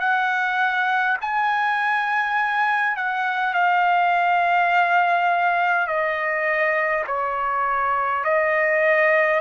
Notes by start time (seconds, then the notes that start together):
0.00 F#5
1.21 G#5
2.97 F#5
3.54 F5
5.87 D#5
7.07 C#5
8.25 D#5